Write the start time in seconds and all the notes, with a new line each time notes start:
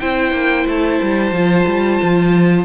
0.00 C4 E4 C5 G5
0.32 A#3
0.67 A3 A5
1.02 G3
1.32 F3 F4
1.67 G3
2.02 F3